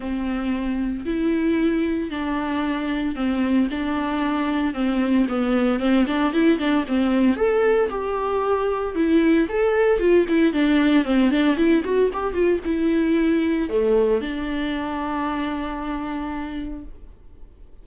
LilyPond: \new Staff \with { instrumentName = "viola" } { \time 4/4 \tempo 4 = 114 c'2 e'2 | d'2 c'4 d'4~ | d'4 c'4 b4 c'8 d'8 | e'8 d'8 c'4 a'4 g'4~ |
g'4 e'4 a'4 f'8 e'8 | d'4 c'8 d'8 e'8 fis'8 g'8 f'8 | e'2 a4 d'4~ | d'1 | }